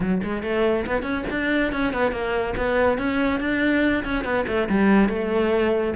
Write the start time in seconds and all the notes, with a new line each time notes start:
0.00 F#3
0.23 G#3
0.43 A3
0.86 B3
1.02 C#4
1.30 D4
1.72 C#4
1.93 B3
2.11 A#3
2.56 B3
2.98 C#4
3.40 D4
4.04 C#4
4.24 B3
4.47 A3
4.69 G3
5.09 A3